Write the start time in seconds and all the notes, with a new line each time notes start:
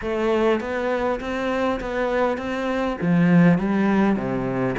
0.01 A3
0.60 B3
1.20 C4
1.80 B3
2.37 C4
3.01 F3
3.58 G3
4.16 C3